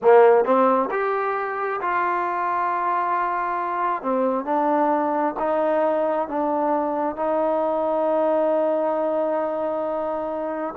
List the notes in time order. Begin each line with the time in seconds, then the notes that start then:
0.02 A#3
0.44 C4
0.90 G4
1.81 F4
4.02 C4
4.45 D4
5.39 D#4
6.28 D4
7.16 D#4